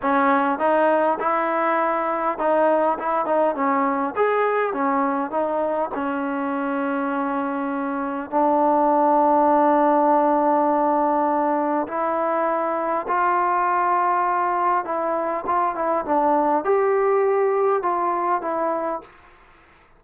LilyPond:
\new Staff \with { instrumentName = "trombone" } { \time 4/4 \tempo 4 = 101 cis'4 dis'4 e'2 | dis'4 e'8 dis'8 cis'4 gis'4 | cis'4 dis'4 cis'2~ | cis'2 d'2~ |
d'1 | e'2 f'2~ | f'4 e'4 f'8 e'8 d'4 | g'2 f'4 e'4 | }